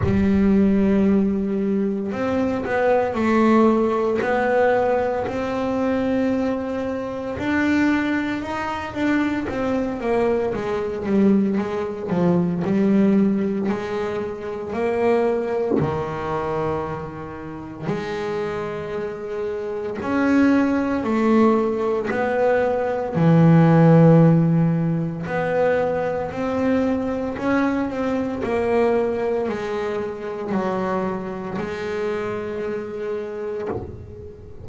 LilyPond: \new Staff \with { instrumentName = "double bass" } { \time 4/4 \tempo 4 = 57 g2 c'8 b8 a4 | b4 c'2 d'4 | dis'8 d'8 c'8 ais8 gis8 g8 gis8 f8 | g4 gis4 ais4 dis4~ |
dis4 gis2 cis'4 | a4 b4 e2 | b4 c'4 cis'8 c'8 ais4 | gis4 fis4 gis2 | }